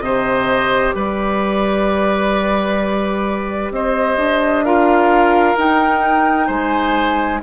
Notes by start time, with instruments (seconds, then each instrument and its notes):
0.00 bassoon C3, clarinet G4, oboe C5, flute D#5
0.95 bassoon G3, oboe B4, flute D5
3.71 bassoon C4, oboe C5, flute D#5
4.17 bassoon D4
4.64 clarinet F4, oboe A#4, flute F5
5.56 clarinet D#4, bassoon D#4, flute G5
6.47 bassoon G#3, oboe C5, flute G#5